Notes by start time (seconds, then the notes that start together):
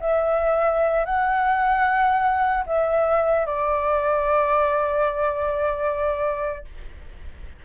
0.00 E5
1.05 F#5
2.66 E5
3.46 D5